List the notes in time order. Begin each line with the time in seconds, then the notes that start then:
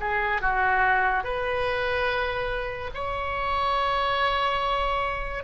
0.00 G#4
0.41 F#4
1.24 B4
2.94 C#5